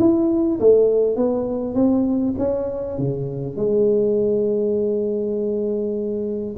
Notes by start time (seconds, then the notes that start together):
0.00 E4
0.60 A3
1.17 B3
1.75 C4
2.39 C#4
2.99 C#3
3.57 G#3